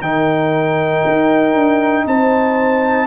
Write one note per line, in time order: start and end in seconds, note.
0.00 1.02 D#3
0.00 3.07 D#4
0.00 2.06 A#4
0.00 2.05 G5
1.06 1.54 D#4
1.54 2.05 D4
2.06 3.07 C4
2.06 3.07 C5
2.06 3.07 A5